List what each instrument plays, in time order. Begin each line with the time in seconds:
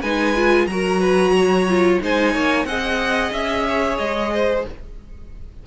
0.00 cello G#3, viola D#4, violin B4 G#5
0.35 viola F4
0.66 cello F#3, viola F#4, violin A#4 A#5
1.00 violin B4
1.36 violin C#5
1.68 viola F4
2.00 cello G#3, viola D#4, violin C5 G#5
2.33 cello A#3, violin C#5
2.64 cello C4, viola G#4, violin D#5 F#5
3.31 cello C#4, violin E5
3.68 violin C#5
3.97 cello G#3, violin D#5
4.33 violin C5